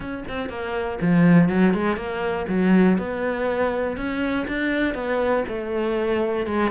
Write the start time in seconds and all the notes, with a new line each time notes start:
0.00 C#4
0.28 C4
0.49 A#3
1.01 F3
1.48 F#3
1.73 G#3
1.96 A#3
2.48 F#3
2.98 B3
3.96 C#4
4.47 D4
4.94 B3
5.48 A3
6.46 G#3